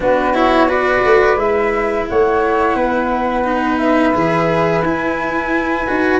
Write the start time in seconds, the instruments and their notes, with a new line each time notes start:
0.00 tuba B3, cello D4, flute F#4 B4
0.34 cello E4, flute C#5
0.68 cello F#4, flute B4 D5
1.04 tuba A3
1.36 tuba G#3, cello E4, flute E5
2.08 tuba A3, flute C#5 F#5
2.75 tuba B3, flute B4
3.44 cello D#4
3.78 flute E5
4.13 tuba E3, cello G#4
4.81 tuba E4, cello E4, flute G#5
5.87 tuba D#4, cello F#4